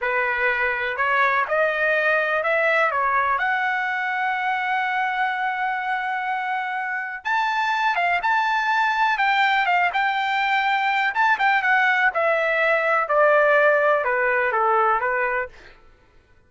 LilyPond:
\new Staff \with { instrumentName = "trumpet" } { \time 4/4 \tempo 4 = 124 b'2 cis''4 dis''4~ | dis''4 e''4 cis''4 fis''4~ | fis''1~ | fis''2. a''4~ |
a''8 f''8 a''2 g''4 | f''8 g''2~ g''8 a''8 g''8 | fis''4 e''2 d''4~ | d''4 b'4 a'4 b'4 | }